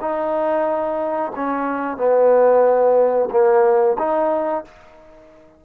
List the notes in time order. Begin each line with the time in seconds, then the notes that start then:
0.00 D#4
1.35 C#4
1.97 B3
3.31 A#3
3.98 D#4